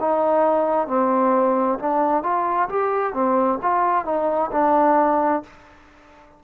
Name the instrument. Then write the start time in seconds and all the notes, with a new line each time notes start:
trombone
0.00 D#4
0.88 C4
1.79 D4
2.23 F4
2.69 G4
3.14 C4
3.62 F4
4.05 D#4
4.52 D4